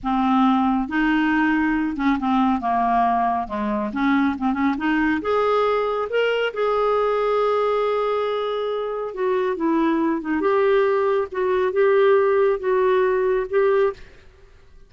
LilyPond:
\new Staff \with { instrumentName = "clarinet" } { \time 4/4 \tempo 4 = 138 c'2 dis'2~ | dis'8 cis'8 c'4 ais2 | gis4 cis'4 c'8 cis'8 dis'4 | gis'2 ais'4 gis'4~ |
gis'1~ | gis'4 fis'4 e'4. dis'8 | g'2 fis'4 g'4~ | g'4 fis'2 g'4 | }